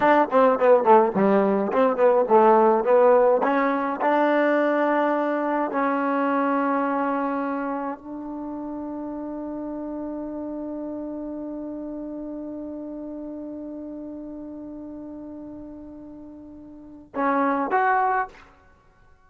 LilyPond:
\new Staff \with { instrumentName = "trombone" } { \time 4/4 \tempo 4 = 105 d'8 c'8 b8 a8 g4 c'8 b8 | a4 b4 cis'4 d'4~ | d'2 cis'2~ | cis'2 d'2~ |
d'1~ | d'1~ | d'1~ | d'2 cis'4 fis'4 | }